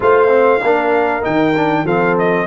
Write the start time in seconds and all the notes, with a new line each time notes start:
0.00 A3 F4 C5 F5
0.28 C4
0.63 A#3 D4 A#4
1.22 D#3 D#4 G5
1.55 D4
1.84 F3 C4 A4 F5
2.18 D#5